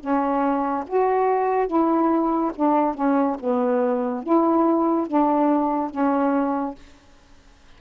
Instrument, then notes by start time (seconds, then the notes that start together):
saxophone
0.00 C#4
0.87 F#4
1.67 E4
2.55 D4
2.94 C#4
3.39 B3
4.23 E4
5.07 D4
5.90 C#4